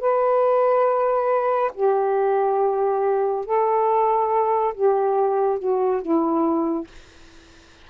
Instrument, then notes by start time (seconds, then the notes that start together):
saxophone
0.00 B4
1.74 G4
3.45 A4
4.74 G4
5.59 F#4
6.02 E4